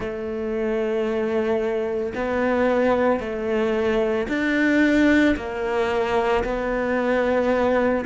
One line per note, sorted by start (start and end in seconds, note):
0.00 2.13 A3
2.14 3.19 B3
3.19 4.27 A3
4.28 5.35 D4
5.36 6.43 A#3
6.44 8.05 B3